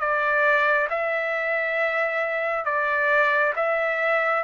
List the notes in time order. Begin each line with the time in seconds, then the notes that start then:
0.00 D5
0.90 E5
2.66 D5
3.56 E5